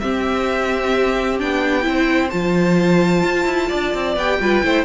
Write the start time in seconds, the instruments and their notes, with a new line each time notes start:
0.00 viola C4, cello C4, violin G4 E5
1.39 cello B3, viola D4, violin G5
1.82 cello C4, viola E4, violin C5
2.30 cello F3, viola F4, violin A5
3.23 cello F4
3.45 cello E4
3.68 cello D4, violin D5
3.94 cello C4
4.16 cello B3, viola G4, violin G5
4.40 cello G3, viola F4, violin B4
4.64 cello A3, viola E4, violin C5